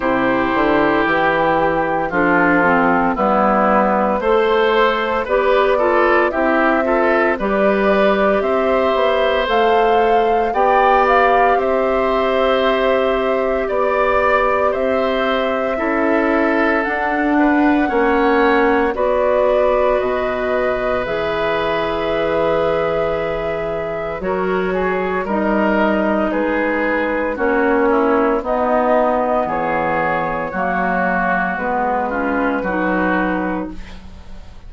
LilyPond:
<<
  \new Staff \with { instrumentName = "flute" } { \time 4/4 \tempo 4 = 57 c''4 g'4 a'4 b'4 | c''4 d''4 e''4 d''4 | e''4 f''4 g''8 f''8 e''4~ | e''4 d''4 e''2 |
fis''2 d''4 dis''4 | e''2. cis''4 | dis''4 b'4 cis''4 dis''4 | cis''2 b'2 | }
  \new Staff \with { instrumentName = "oboe" } { \time 4/4 g'2 f'4 e'4 | c''4 b'8 a'8 g'8 a'8 b'4 | c''2 d''4 c''4~ | c''4 d''4 c''4 a'4~ |
a'8 b'8 cis''4 b'2~ | b'2. ais'8 gis'8 | ais'4 gis'4 fis'8 e'8 dis'4 | gis'4 fis'4. f'8 fis'4 | }
  \new Staff \with { instrumentName = "clarinet" } { \time 4/4 e'2 d'8 c'8 b4 | a'4 g'8 f'8 e'8 f'8 g'4~ | g'4 a'4 g'2~ | g'2. e'4 |
d'4 cis'4 fis'2 | gis'2. fis'4 | dis'2 cis'4 b4~ | b4 ais4 b8 cis'8 dis'4 | }
  \new Staff \with { instrumentName = "bassoon" } { \time 4/4 c8 d8 e4 f4 g4 | a4 b4 c'4 g4 | c'8 b8 a4 b4 c'4~ | c'4 b4 c'4 cis'4 |
d'4 ais4 b4 b,4 | e2. fis4 | g4 gis4 ais4 b4 | e4 fis4 gis4 fis4 | }
>>